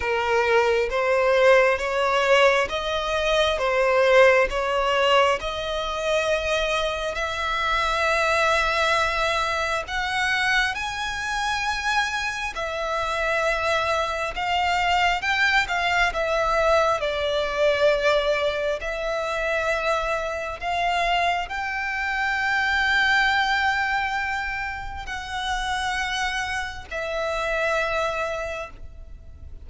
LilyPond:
\new Staff \with { instrumentName = "violin" } { \time 4/4 \tempo 4 = 67 ais'4 c''4 cis''4 dis''4 | c''4 cis''4 dis''2 | e''2. fis''4 | gis''2 e''2 |
f''4 g''8 f''8 e''4 d''4~ | d''4 e''2 f''4 | g''1 | fis''2 e''2 | }